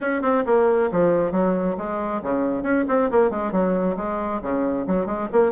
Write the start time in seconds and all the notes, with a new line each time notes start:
0.00 C#4
0.22 C4
0.46 A#3
0.91 F3
1.31 F#3
1.77 G#3
2.22 C#3
2.62 C#4
2.88 C4
3.10 A#3
3.30 G#3
3.52 F#3
3.97 G#3
4.41 C#3
4.87 F#3
5.06 G#3
5.32 A#3